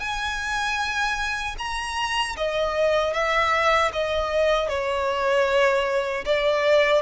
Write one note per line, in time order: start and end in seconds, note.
0.00 1.56 G#5
1.58 2.36 A#5
2.37 3.14 D#5
3.14 3.92 E5
3.92 4.69 D#5
4.69 6.24 C#5
6.25 7.02 D5